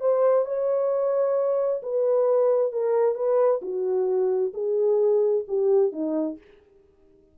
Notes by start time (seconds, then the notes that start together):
0.00 C5
0.45 C#5
1.82 B4
2.72 A#4
3.15 B4
3.62 F#4
4.54 G#4
5.48 G4
5.92 D#4